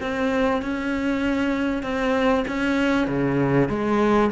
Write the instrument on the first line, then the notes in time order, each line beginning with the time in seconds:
cello
0.00 C4
0.62 C#4
1.82 C4
2.47 C#4
3.07 C#3
3.69 G#3